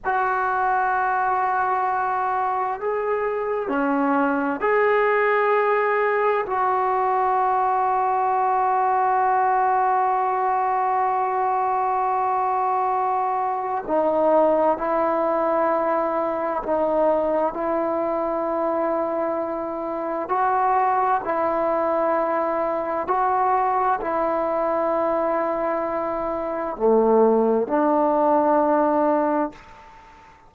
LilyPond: \new Staff \with { instrumentName = "trombone" } { \time 4/4 \tempo 4 = 65 fis'2. gis'4 | cis'4 gis'2 fis'4~ | fis'1~ | fis'2. dis'4 |
e'2 dis'4 e'4~ | e'2 fis'4 e'4~ | e'4 fis'4 e'2~ | e'4 a4 d'2 | }